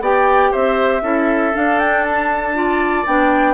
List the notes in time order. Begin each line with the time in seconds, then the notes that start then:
0.00 B3 G4 D5 G5
0.51 C4 C5 E5
1.02 C#4 E4 A4
1.53 D4 F5
1.79 G5
2.04 A5
2.54 F4 D5
3.06 B3 D4 G5